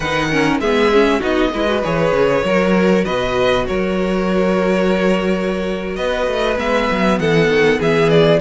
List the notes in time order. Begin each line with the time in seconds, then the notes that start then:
0.00 D#3 D#4 B4 F#5
0.30 C#4 A#4
0.60 G#3 B3 G#4 E5
0.92 C#4
1.19 B3 D#4 F#4 D#5
1.53 G#3 E4 B4
1.67 F#4
1.83 E3 G#4 C#5
2.11 C#3
2.44 F#3 F#4 A#4
3.04 B2 B4 D#5
3.66 F#3 A#4 C#5
5.95 B3 B4 D#5
6.26 A3
6.56 G#3 B3 E5
6.90 F#3
7.19 E3 A4 F#5
7.48 D#3
7.79 E3 G#4 E5
8.09 D5